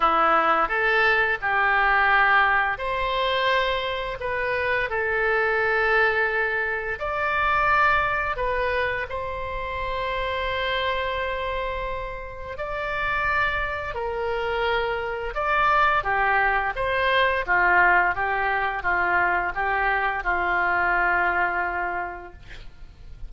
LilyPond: \new Staff \with { instrumentName = "oboe" } { \time 4/4 \tempo 4 = 86 e'4 a'4 g'2 | c''2 b'4 a'4~ | a'2 d''2 | b'4 c''2.~ |
c''2 d''2 | ais'2 d''4 g'4 | c''4 f'4 g'4 f'4 | g'4 f'2. | }